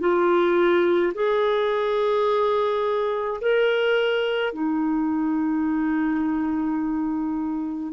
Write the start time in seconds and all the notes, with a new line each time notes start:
0.00 F4
1.14 G#4
3.41 A#4
4.53 D#4